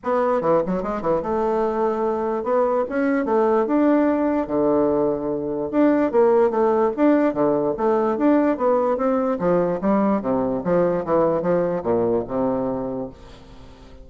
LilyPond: \new Staff \with { instrumentName = "bassoon" } { \time 4/4 \tempo 4 = 147 b4 e8 fis8 gis8 e8 a4~ | a2 b4 cis'4 | a4 d'2 d4~ | d2 d'4 ais4 |
a4 d'4 d4 a4 | d'4 b4 c'4 f4 | g4 c4 f4 e4 | f4 ais,4 c2 | }